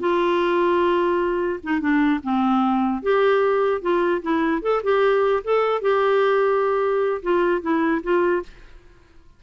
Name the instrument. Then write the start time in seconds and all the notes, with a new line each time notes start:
clarinet
0.00 F4
1.63 D#4
1.80 D4
2.23 C4
3.02 G4
3.82 F4
4.22 E4
4.62 A4
4.83 G4
5.44 A4
5.81 G4
7.22 F4
7.62 E4
8.03 F4